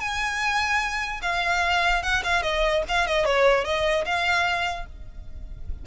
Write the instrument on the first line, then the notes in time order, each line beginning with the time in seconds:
violin
0.00 G#5
1.22 F5
2.03 F#5
2.24 F5
2.43 D#5
2.88 F5
3.07 D#5
3.25 C#5
3.64 D#5
4.05 F5